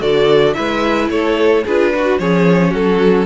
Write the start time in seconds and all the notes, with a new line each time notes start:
0.00 D3 F#4 A4 D5
0.54 G#3 E4 B4 E5
1.10 A3 A4 C#5
1.65 D4 F4 G#4 B4
1.94 F#4
2.18 F3 C#4 G#4 C#5
2.70 F#3 F#4 A4